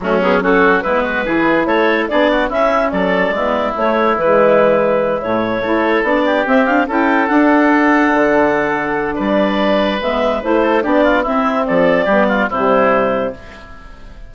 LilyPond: <<
  \new Staff \with { instrumentName = "clarinet" } { \time 4/4 \tempo 4 = 144 fis'8 gis'8 a'4 b'2 | cis''4 d''4 e''4 d''4~ | d''4 cis''4 b'2~ | b'8 cis''2 d''4 e''8 |
f''8 g''4 fis''2~ fis''8~ | fis''2 d''2 | e''4 c''4 d''4 e''4 | d''2 c''2 | }
  \new Staff \with { instrumentName = "oboe" } { \time 4/4 cis'4 fis'4 e'8 fis'8 gis'4 | a'4 gis'8 fis'8 e'4 a'4 | e'1~ | e'4. a'4. g'4~ |
g'8 a'2.~ a'8~ | a'2 b'2~ | b'4. a'8 g'8 f'8 e'4 | a'4 g'8 f'8 e'2 | }
  \new Staff \with { instrumentName = "saxophone" } { \time 4/4 a8 b8 cis'4 b4 e'4~ | e'4 d'4 cis'2 | b4 a4 gis2~ | gis8 a4 e'4 d'4 c'8 |
d'8 e'4 d'2~ d'8~ | d'1 | b4 e'4 d'4 c'4~ | c'4 b4 g2 | }
  \new Staff \with { instrumentName = "bassoon" } { \time 4/4 fis2 gis4 e4 | a4 b4 cis'4 fis4 | gis4 a4 e2~ | e8 a,4 a4 b4 c'8~ |
c'8 cis'4 d'2 d8~ | d2 g2 | gis4 a4 b4 c'4 | f4 g4 c2 | }
>>